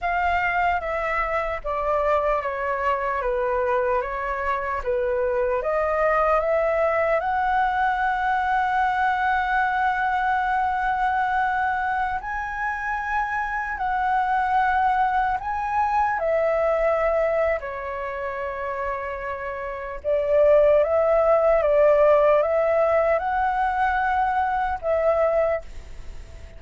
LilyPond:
\new Staff \with { instrumentName = "flute" } { \time 4/4 \tempo 4 = 75 f''4 e''4 d''4 cis''4 | b'4 cis''4 b'4 dis''4 | e''4 fis''2.~ | fis''2.~ fis''16 gis''8.~ |
gis''4~ gis''16 fis''2 gis''8.~ | gis''16 e''4.~ e''16 cis''2~ | cis''4 d''4 e''4 d''4 | e''4 fis''2 e''4 | }